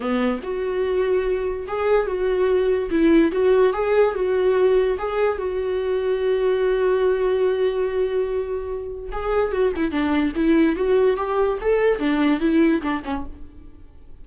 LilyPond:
\new Staff \with { instrumentName = "viola" } { \time 4/4 \tempo 4 = 145 b4 fis'2. | gis'4 fis'2 e'4 | fis'4 gis'4 fis'2 | gis'4 fis'2.~ |
fis'1~ | fis'2 gis'4 fis'8 e'8 | d'4 e'4 fis'4 g'4 | a'4 d'4 e'4 d'8 cis'8 | }